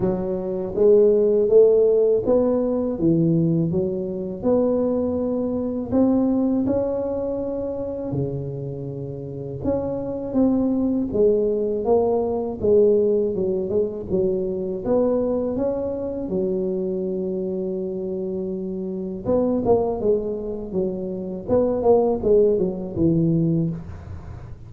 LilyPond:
\new Staff \with { instrumentName = "tuba" } { \time 4/4 \tempo 4 = 81 fis4 gis4 a4 b4 | e4 fis4 b2 | c'4 cis'2 cis4~ | cis4 cis'4 c'4 gis4 |
ais4 gis4 fis8 gis8 fis4 | b4 cis'4 fis2~ | fis2 b8 ais8 gis4 | fis4 b8 ais8 gis8 fis8 e4 | }